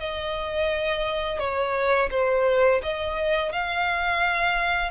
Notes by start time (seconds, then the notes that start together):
0.00 D#5
1.40 C#5
2.11 C5
2.83 D#5
3.53 F5